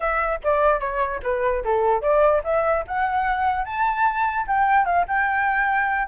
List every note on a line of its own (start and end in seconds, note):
0.00 0.39 E5
0.43 0.80 D5
0.80 1.20 C#5
1.23 1.63 B4
1.64 2.01 A4
2.01 2.42 D5
2.44 2.84 E5
2.87 3.64 F#5
3.64 4.46 A5
4.47 4.85 G5
4.85 5.05 F5
5.07 6.08 G5